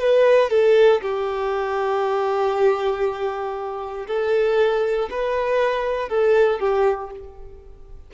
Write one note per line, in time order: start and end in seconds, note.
0.00 0.50 B4
0.50 1.01 A4
1.02 4.07 G4
4.08 5.09 A4
5.11 6.09 B4
6.09 6.60 A4
6.60 7.11 G4